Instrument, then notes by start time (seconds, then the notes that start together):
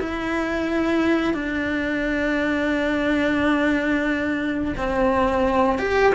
cello
0.00 E4
1.34 D4
4.77 C4
5.79 G4